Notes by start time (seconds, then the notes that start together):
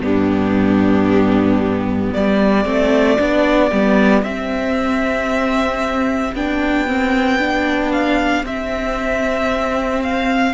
0.00 G2 B3 D4 G4
2.11 G3 G4 D5
2.64 A3 C4
3.18 B3 D4
3.71 G3 B3
4.22 C4 E5
6.33 B3 D4 G5
6.87 C4
7.39 D4
7.92 F5
8.43 C4 E5
10.02 F5